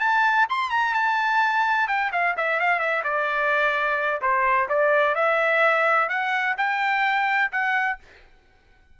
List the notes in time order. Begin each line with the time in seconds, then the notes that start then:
0.00 A5
0.50 C6
0.71 A#5
0.94 A5
1.88 G5
2.12 F5
2.37 E5
2.60 F5
2.79 E5
3.04 D5
4.21 C5
4.69 D5
5.15 E5
6.09 F#5
6.58 G5
7.52 F#5